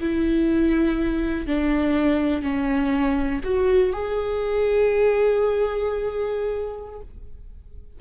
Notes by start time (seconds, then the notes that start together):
0.00 E4
1.46 D4
2.42 C#4
3.44 F#4
3.92 G#4